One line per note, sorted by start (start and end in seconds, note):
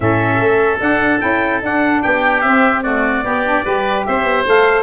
0.00 0.39 A2
0.00 0.78 C#4
0.00 2.02 A4
0.00 0.80 E5
0.39 0.79 A3
0.79 1.20 D4
0.79 1.20 F#5
1.20 1.61 C#4
1.20 1.61 E4
1.20 1.61 G5
1.61 2.02 D4
1.61 2.43 D4
1.61 2.02 F#5
2.02 2.42 B3
2.02 2.83 G4
2.02 2.41 G5
2.41 3.23 C4
2.41 2.83 C4
2.41 2.81 E5
2.82 3.23 A3
2.82 3.24 F#4
2.82 4.04 D5
3.23 3.44 B3
3.23 3.64 B3
3.23 3.65 G4
3.45 3.64 D4
3.64 4.06 G3
3.64 4.45 G4
3.64 4.05 B4
4.05 4.24 C4
4.05 4.83 C5
4.05 4.46 E5
4.24 4.44 B3
4.46 4.83 A3
4.46 4.83 A4
4.46 4.83 F5